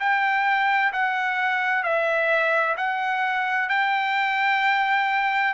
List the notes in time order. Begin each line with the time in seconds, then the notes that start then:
0.00 G5
0.93 F#5
1.84 E5
2.77 F#5
3.69 G5